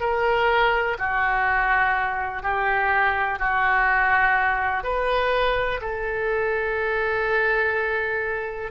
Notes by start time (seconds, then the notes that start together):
0.00 A#4
0.98 F#4
2.42 G4
3.39 F#4
4.83 B4
5.81 A4